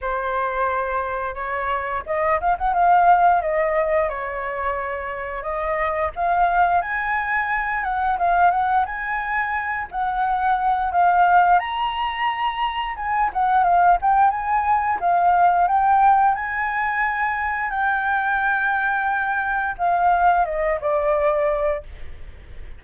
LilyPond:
\new Staff \with { instrumentName = "flute" } { \time 4/4 \tempo 4 = 88 c''2 cis''4 dis''8 f''16 fis''16 | f''4 dis''4 cis''2 | dis''4 f''4 gis''4. fis''8 | f''8 fis''8 gis''4. fis''4. |
f''4 ais''2 gis''8 fis''8 | f''8 g''8 gis''4 f''4 g''4 | gis''2 g''2~ | g''4 f''4 dis''8 d''4. | }